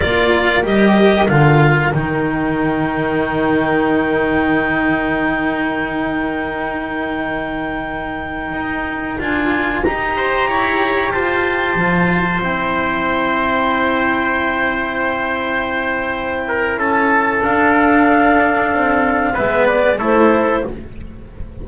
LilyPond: <<
  \new Staff \with { instrumentName = "clarinet" } { \time 4/4 \tempo 4 = 93 d''4 dis''4 f''4 g''4~ | g''1~ | g''1~ | g''2~ g''16 gis''4 ais''8.~ |
ais''4~ ais''16 a''2 g''8.~ | g''1~ | g''2 a''4 f''4~ | f''2 e''8 d''8 c''4 | }
  \new Staff \with { instrumentName = "trumpet" } { \time 4/4 ais'1~ | ais'1~ | ais'1~ | ais'2.~ ais'8. c''16~ |
c''16 cis''4 c''2~ c''8.~ | c''1~ | c''4. ais'8 a'2~ | a'2 b'4 a'4 | }
  \new Staff \with { instrumentName = "cello" } { \time 4/4 f'4 g'4 f'4 dis'4~ | dis'1~ | dis'1~ | dis'2~ dis'16 f'4 g'8.~ |
g'2~ g'16 f'4 e'8.~ | e'1~ | e'2. d'4~ | d'2 b4 e'4 | }
  \new Staff \with { instrumentName = "double bass" } { \time 4/4 ais4 g4 d4 dis4~ | dis1~ | dis1~ | dis4~ dis16 dis'4 d'4 dis'8.~ |
dis'16 e'4 f'4 f4 c'8.~ | c'1~ | c'2 cis'4 d'4~ | d'4 c'4 gis4 a4 | }
>>